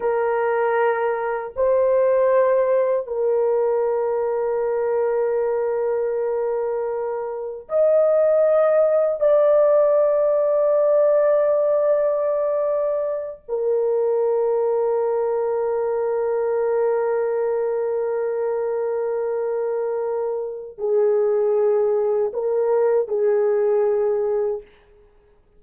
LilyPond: \new Staff \with { instrumentName = "horn" } { \time 4/4 \tempo 4 = 78 ais'2 c''2 | ais'1~ | ais'2 dis''2 | d''1~ |
d''4. ais'2~ ais'8~ | ais'1~ | ais'2. gis'4~ | gis'4 ais'4 gis'2 | }